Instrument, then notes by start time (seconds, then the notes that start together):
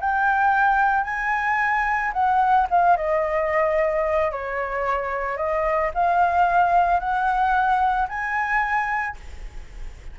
flute
0.00 G5
1.04 G#5
2.13 F#5
2.70 F5
2.97 D#5
4.31 C#5
5.37 D#5
5.94 F5
7.00 F#5
8.09 G#5